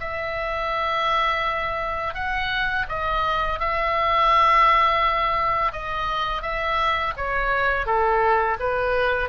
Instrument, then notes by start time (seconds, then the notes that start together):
oboe
0.00 E5
2.15 F#5
2.89 D#5
3.60 E5
5.72 D#5
6.42 E5
7.17 C#5
7.86 A4
8.60 B4